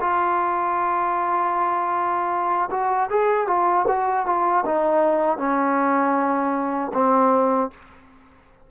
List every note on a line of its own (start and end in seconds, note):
0.00 2.69 F4
2.71 3.09 F#4
3.10 3.47 G#4
3.47 3.85 F4
3.87 4.26 F#4
4.26 4.64 F4
4.65 5.37 D#4
5.37 6.91 C#4
6.93 7.70 C4